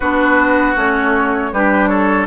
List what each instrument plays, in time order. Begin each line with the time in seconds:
0.00 bassoon B3, clarinet D4, oboe F#4, flute B4
0.75 bassoon A3, clarinet C#4, flute C#5
1.52 bassoon G3, clarinet D4, oboe G4, flute B4
1.87 oboe A4, flute C#5